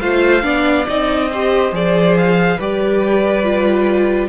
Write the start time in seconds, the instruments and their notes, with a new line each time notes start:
0.00 cello A3, viola F4, violin C5 F5
0.42 cello B3, viola D4, violin D5
0.88 cello C4, viola D#4, violin D#5
1.31 viola G4, violin C5
1.72 cello F3, viola G#4, violin D5
2.17 violin F5
2.57 cello G3, viola G4, violin B4 D5
3.44 viola F4